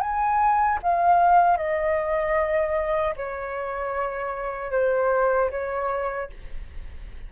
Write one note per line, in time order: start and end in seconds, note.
0.00 0.79 G#5
0.83 1.57 F5
1.57 3.15 D#5
3.16 4.71 C#5
4.71 5.50 C5
5.50 6.29 C#5